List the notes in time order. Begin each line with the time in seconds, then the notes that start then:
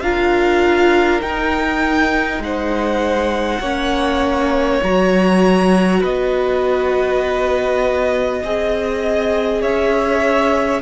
0.00 D4 F4 A#4 F5
1.21 D#4 G5
2.38 G#3 F#5
2.44 C5
3.60 A#3 C#4 C#5
4.83 F#3 F#4 A#5
6.00 B3 B4 D#5
8.43 C4 G#4 D#5
9.61 C#4 C#5 E5